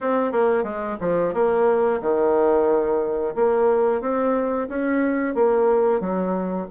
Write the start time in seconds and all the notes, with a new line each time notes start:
0.00 C4
0.32 A#3
0.63 G#3
1.00 F3
1.34 A#3
2.01 D#3
3.35 A#3
4.01 C4
4.68 C#4
5.35 A#3
6.00 F#3